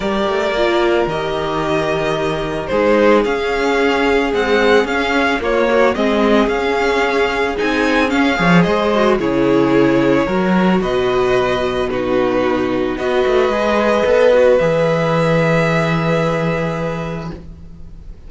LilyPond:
<<
  \new Staff \with { instrumentName = "violin" } { \time 4/4 \tempo 4 = 111 d''2 dis''2~ | dis''4 c''4 f''2 | fis''4 f''4 cis''4 dis''4 | f''2 gis''4 f''4 |
dis''4 cis''2. | dis''2 b'2 | dis''2. e''4~ | e''1 | }
  \new Staff \with { instrumentName = "violin" } { \time 4/4 ais'1~ | ais'4 gis'2.~ | gis'2 f'8 fis'8 gis'4~ | gis'2.~ gis'8 cis''8 |
c''4 gis'2 ais'4 | b'2 fis'2 | b'1~ | b'1 | }
  \new Staff \with { instrumentName = "viola" } { \time 4/4 g'4 f'4 g'2~ | g'4 dis'4 cis'2 | gis4 cis'4 ais4 c'4 | cis'2 dis'4 cis'8 gis'8~ |
gis'8 fis'8 e'2 fis'4~ | fis'2 dis'2 | fis'4 gis'4 a'8 fis'8 gis'4~ | gis'1 | }
  \new Staff \with { instrumentName = "cello" } { \time 4/4 g8 a8 ais4 dis2~ | dis4 gis4 cis'2 | c'4 cis'4 ais4 gis4 | cis'2 c'4 cis'8 f8 |
gis4 cis2 fis4 | b,1 | b8 a8 gis4 b4 e4~ | e1 | }
>>